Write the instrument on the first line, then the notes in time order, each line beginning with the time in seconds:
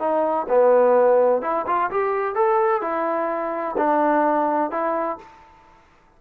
trombone
0.00 D#4
0.49 B3
1.42 E4
1.67 F4
1.91 G4
2.36 A4
2.82 E4
3.78 D4
4.72 E4